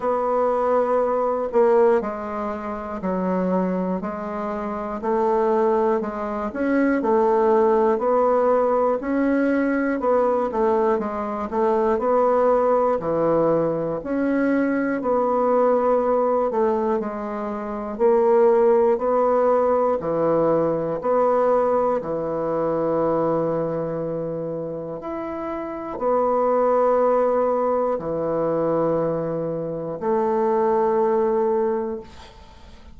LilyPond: \new Staff \with { instrumentName = "bassoon" } { \time 4/4 \tempo 4 = 60 b4. ais8 gis4 fis4 | gis4 a4 gis8 cis'8 a4 | b4 cis'4 b8 a8 gis8 a8 | b4 e4 cis'4 b4~ |
b8 a8 gis4 ais4 b4 | e4 b4 e2~ | e4 e'4 b2 | e2 a2 | }